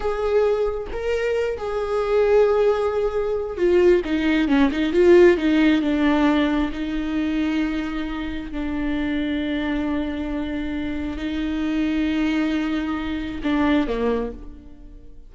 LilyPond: \new Staff \with { instrumentName = "viola" } { \time 4/4 \tempo 4 = 134 gis'2 ais'4. gis'8~ | gis'1 | f'4 dis'4 cis'8 dis'8 f'4 | dis'4 d'2 dis'4~ |
dis'2. d'4~ | d'1~ | d'4 dis'2.~ | dis'2 d'4 ais4 | }